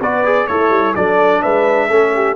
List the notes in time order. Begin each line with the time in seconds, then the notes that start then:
0.00 B3 F#4 B4 D5
0.24 G#4
0.47 A3 E4 A4 C#5
0.69 G3
0.95 F#3 D4 A4 D5
1.42 G#3 B4 E5
1.88 A3 C#4 A4
2.15 G4